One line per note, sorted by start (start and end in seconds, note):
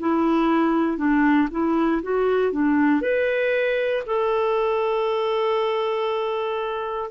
0.00 0.98 E4
0.98 1.48 D4
1.51 2.02 E4
2.03 2.52 F#4
2.52 3.01 D4
3.01 4.03 B4
4.06 7.10 A4